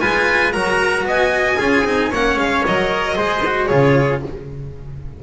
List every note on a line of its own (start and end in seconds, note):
0.00 0.54 G#3
0.00 0.52 F4
0.00 0.53 B4
0.00 0.52 G#5
0.52 1.04 F#3
0.52 1.58 F#4
0.52 1.06 A#4
0.52 1.05 A#5
1.04 1.56 B3
1.04 1.58 D#5
1.04 2.13 G#5
1.58 1.85 C#4
1.58 1.85 F4
1.58 2.10 G#4
1.85 2.11 C4
1.85 2.11 D#4
2.10 2.37 A#3
2.10 2.67 C#4
2.10 3.16 C#5
2.10 2.39 F#5
2.37 2.63 G#3
2.37 2.65 F5
2.66 3.17 F#3
2.66 3.16 A#4
2.66 3.67 D#5
3.16 3.70 G#3
3.16 3.42 G#4
3.16 3.69 C5
3.46 3.70 F#4
3.67 4.23 C#3
3.67 4.23 F4
3.67 4.22 G#4
3.67 4.20 C#5